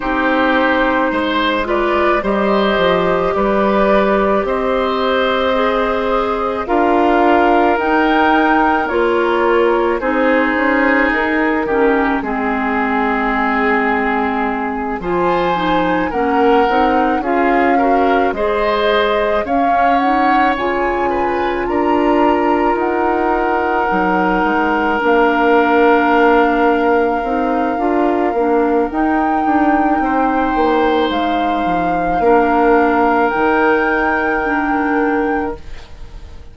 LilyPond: <<
  \new Staff \with { instrumentName = "flute" } { \time 4/4 \tempo 4 = 54 c''4. d''8 dis''4 d''4 | dis''2 f''4 g''4 | cis''4 c''4 ais'4 gis'4~ | gis'4. gis''4 fis''4 f''8~ |
f''8 dis''4 f''8 fis''8 gis''4 ais''8~ | ais''8 fis''2 f''4.~ | f''2 g''2 | f''2 g''2 | }
  \new Staff \with { instrumentName = "oboe" } { \time 4/4 g'4 c''8 b'8 c''4 b'4 | c''2 ais'2~ | ais'4 gis'4. g'8 gis'4~ | gis'4. c''4 ais'4 gis'8 |
ais'8 c''4 cis''4. b'8 ais'8~ | ais'1~ | ais'2. c''4~ | c''4 ais'2. | }
  \new Staff \with { instrumentName = "clarinet" } { \time 4/4 dis'4. f'8 g'2~ | g'4 gis'4 f'4 dis'4 | f'4 dis'4. cis'8 c'4~ | c'4. f'8 dis'8 cis'8 dis'8 f'8 |
fis'8 gis'4 cis'8 dis'8 f'4.~ | f'4. dis'4 d'4.~ | d'8 dis'8 f'8 d'8 dis'2~ | dis'4 d'4 dis'4 d'4 | }
  \new Staff \with { instrumentName = "bassoon" } { \time 4/4 c'4 gis4 g8 f8 g4 | c'2 d'4 dis'4 | ais4 c'8 cis'8 dis'8 dis8 gis4~ | gis4. f4 ais8 c'8 cis'8~ |
cis'8 gis4 cis'4 cis4 d'8~ | d'8 dis'4 fis8 gis8 ais4.~ | ais8 c'8 d'8 ais8 dis'8 d'8 c'8 ais8 | gis8 f8 ais4 dis2 | }
>>